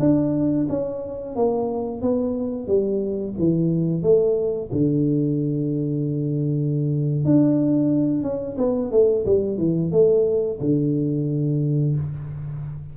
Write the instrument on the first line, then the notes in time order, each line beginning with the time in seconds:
tuba
0.00 D4
0.69 C#4
1.36 A#3
2.02 B3
2.68 G3
3.39 E3
4.03 A3
4.72 D3
7.25 D4
8.23 C#4
8.58 B3
8.92 A3
9.26 G3
9.58 E3
9.92 A3
10.61 D3